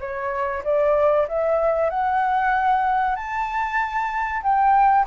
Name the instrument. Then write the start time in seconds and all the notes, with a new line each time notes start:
flute
0.00 C#5
0.64 D5
1.28 E5
1.90 F#5
3.16 A5
4.43 G5